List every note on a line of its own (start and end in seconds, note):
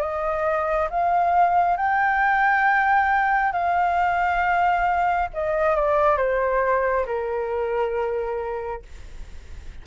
0.00 0.88 D#5
0.89 1.76 F5
1.76 3.52 G5
3.52 5.28 F5
5.33 5.75 D#5
5.75 6.17 D5
6.17 7.05 C5
7.05 8.82 A#4